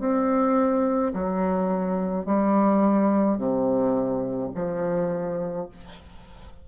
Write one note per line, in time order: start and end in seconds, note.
0.00 1.13 C4
1.14 2.26 F#3
2.26 3.38 G3
3.38 4.51 C3
4.55 5.69 F3